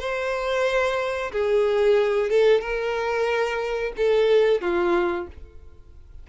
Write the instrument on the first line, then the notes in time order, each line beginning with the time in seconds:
violin
0.00 C5
1.32 G#4
2.30 A4
2.61 A#4
3.97 A4
4.62 F4